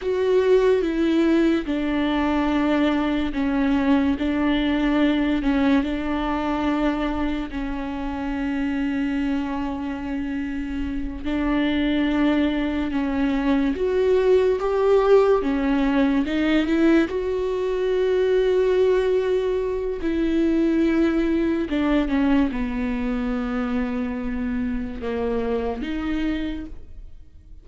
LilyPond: \new Staff \with { instrumentName = "viola" } { \time 4/4 \tempo 4 = 72 fis'4 e'4 d'2 | cis'4 d'4. cis'8 d'4~ | d'4 cis'2.~ | cis'4. d'2 cis'8~ |
cis'8 fis'4 g'4 cis'4 dis'8 | e'8 fis'2.~ fis'8 | e'2 d'8 cis'8 b4~ | b2 ais4 dis'4 | }